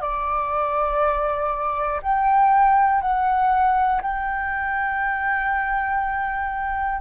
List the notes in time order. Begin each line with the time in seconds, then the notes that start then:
0.00 D5
2.02 G5
3.01 F#5
4.01 G5